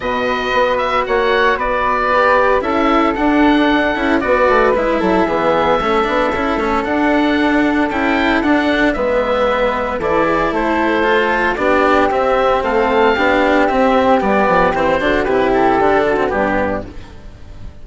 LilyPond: <<
  \new Staff \with { instrumentName = "oboe" } { \time 4/4 \tempo 4 = 114 dis''4. e''8 fis''4 d''4~ | d''4 e''4 fis''2 | d''4 e''2.~ | e''4 fis''2 g''4 |
fis''4 e''2 d''4 | c''2 d''4 e''4 | f''2 e''4 d''4 | c''4 b'8 a'4. g'4 | }
  \new Staff \with { instrumentName = "flute" } { \time 4/4 b'2 cis''4 b'4~ | b'4 a'2. | b'4. a'8 gis'4 a'4~ | a'1~ |
a'4 b'2 a'8 gis'8 | a'2 g'2 | a'4 g'2.~ | g'8 fis'8 g'4. fis'8 d'4 | }
  \new Staff \with { instrumentName = "cello" } { \time 4/4 fis'1 | g'4 e'4 d'4. e'8 | fis'4 e'4 b4 cis'8 d'8 | e'8 cis'8 d'2 e'4 |
d'4 b2 e'4~ | e'4 f'4 d'4 c'4~ | c'4 d'4 c'4 b4 | c'8 d'8 e'4 d'8. c'16 b4 | }
  \new Staff \with { instrumentName = "bassoon" } { \time 4/4 b,4 b4 ais4 b4~ | b4 cis'4 d'4. cis'8 | b8 a8 gis8 fis8 e4 a8 b8 | cis'8 a8 d'2 cis'4 |
d'4 gis2 e4 | a2 b4 c'4 | a4 b4 c'4 g8 f8 | e8 d8 c4 d4 g,4 | }
>>